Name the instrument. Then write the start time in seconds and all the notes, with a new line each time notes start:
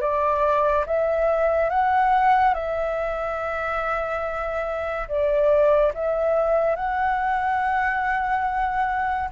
flute
0.00 D5
0.86 E5
1.69 F#5
2.54 E5
5.08 D5
5.94 E5
6.75 F#5